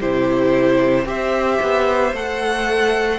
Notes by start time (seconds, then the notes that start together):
0.00 C3 E4 G4 C5
1.05 C4 G4 C5 E5
1.61 B3
2.12 A3 A4 F#5